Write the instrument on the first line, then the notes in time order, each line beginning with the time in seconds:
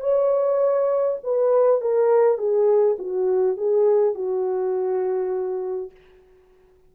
horn
0.00 C#5
1.23 B4
1.80 A#4
2.38 G#4
2.98 F#4
3.56 G#4
4.14 F#4